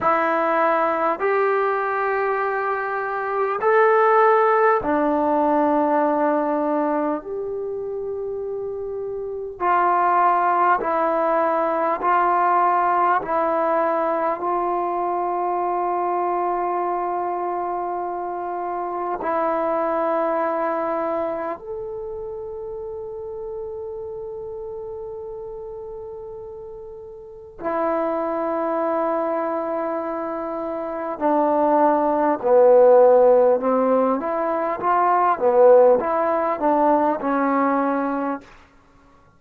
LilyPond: \new Staff \with { instrumentName = "trombone" } { \time 4/4 \tempo 4 = 50 e'4 g'2 a'4 | d'2 g'2 | f'4 e'4 f'4 e'4 | f'1 |
e'2 a'2~ | a'2. e'4~ | e'2 d'4 b4 | c'8 e'8 f'8 b8 e'8 d'8 cis'4 | }